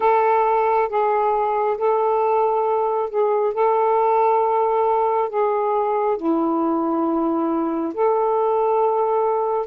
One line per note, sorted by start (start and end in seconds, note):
0.00 0.88 A4
0.88 1.76 G#4
1.77 3.09 A4
3.09 3.53 G#4
3.53 5.29 A4
5.29 6.17 G#4
6.17 7.93 E4
7.94 9.66 A4